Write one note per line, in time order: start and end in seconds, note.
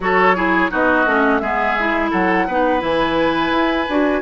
0.00 0.70 F#3
0.00 0.35 F#4
0.00 0.35 A4
0.00 0.71 C#5
0.35 0.69 E4
0.35 0.71 G#4
0.69 1.05 B3
0.69 1.05 D#4
0.69 1.41 F#4
0.69 1.39 D#5
1.05 1.40 A3
1.05 1.42 C#4
1.39 2.11 G#3
1.39 1.78 B3
1.39 2.11 G#4
1.39 2.09 E5
1.79 2.49 E4
2.11 2.47 F#3
2.11 2.46 A4
2.11 2.82 F#5
2.47 2.81 B3
2.47 2.79 D#4
2.47 4.21 B4
2.79 3.50 E3
2.79 3.85 E4
2.79 4.21 G#5
3.50 3.86 E4
3.89 4.21 D4
3.89 4.21 F#4